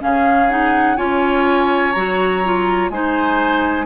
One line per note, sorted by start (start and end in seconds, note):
0.00 0.98 C#3
0.00 0.48 C#4
0.00 0.97 G#4
0.00 0.50 F5
0.49 0.97 D#4
0.49 0.97 F#5
0.97 1.95 C#4
0.97 1.93 F4
0.97 2.90 C#5
0.97 1.92 G#5
1.92 2.90 F#3
1.92 2.44 F#4
1.92 2.89 A#5
2.44 2.92 F4
2.90 3.85 G#3
2.90 3.85 D#4
2.90 3.85 C5
2.90 3.85 G#5